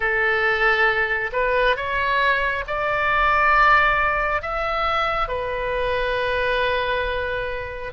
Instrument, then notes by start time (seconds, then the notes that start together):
oboe
0.00 A4
1.32 B4
1.76 C#5
2.67 D5
4.42 E5
5.28 B4